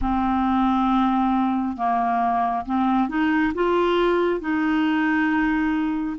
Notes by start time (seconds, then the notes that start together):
0.01 C4
1.76 A#3
2.65 C4
3.08 D#4
3.54 F4
4.40 D#4